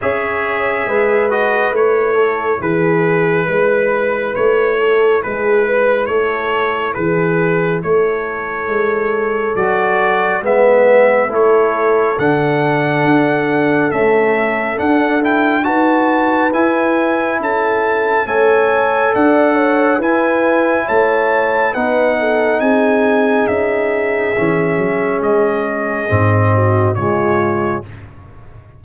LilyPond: <<
  \new Staff \with { instrumentName = "trumpet" } { \time 4/4 \tempo 4 = 69 e''4. dis''8 cis''4 b'4~ | b'4 cis''4 b'4 cis''4 | b'4 cis''2 d''4 | e''4 cis''4 fis''2 |
e''4 fis''8 g''8 a''4 gis''4 | a''4 gis''4 fis''4 gis''4 | a''4 fis''4 gis''4 e''4~ | e''4 dis''2 cis''4 | }
  \new Staff \with { instrumentName = "horn" } { \time 4/4 cis''4 b'4. a'8 gis'4 | b'4. a'8 gis'8 b'8 a'4 | gis'4 a'2. | b'4 a'2.~ |
a'2 b'2 | a'4 cis''4 d''8 cis''8 b'4 | cis''4 b'8 a'8 gis'2~ | gis'2~ gis'8 fis'8 f'4 | }
  \new Staff \with { instrumentName = "trombone" } { \time 4/4 gis'4. fis'8 e'2~ | e'1~ | e'2. fis'4 | b4 e'4 d'2 |
a4 d'8 e'8 fis'4 e'4~ | e'4 a'2 e'4~ | e'4 dis'2. | cis'2 c'4 gis4 | }
  \new Staff \with { instrumentName = "tuba" } { \time 4/4 cis'4 gis4 a4 e4 | gis4 a4 gis4 a4 | e4 a4 gis4 fis4 | gis4 a4 d4 d'4 |
cis'4 d'4 dis'4 e'4 | cis'4 a4 d'4 e'4 | a4 b4 c'4 cis'4 | e8 fis8 gis4 gis,4 cis4 | }
>>